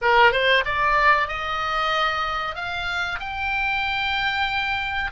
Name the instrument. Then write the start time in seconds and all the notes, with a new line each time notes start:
oboe
0.01 A#4
0.32 C5
0.65 D5
1.28 D#5
2.55 F5
3.19 G5